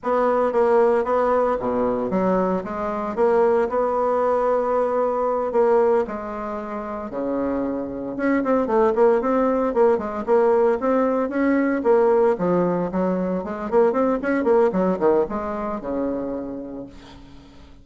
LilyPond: \new Staff \with { instrumentName = "bassoon" } { \time 4/4 \tempo 4 = 114 b4 ais4 b4 b,4 | fis4 gis4 ais4 b4~ | b2~ b8 ais4 gis8~ | gis4. cis2 cis'8 |
c'8 a8 ais8 c'4 ais8 gis8 ais8~ | ais8 c'4 cis'4 ais4 f8~ | f8 fis4 gis8 ais8 c'8 cis'8 ais8 | fis8 dis8 gis4 cis2 | }